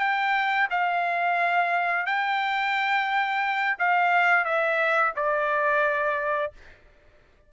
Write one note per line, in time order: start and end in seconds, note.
0.00 0.68 G5
0.71 2.06 F5
2.06 3.77 G5
3.79 4.45 F5
4.45 5.13 E5
5.16 6.53 D5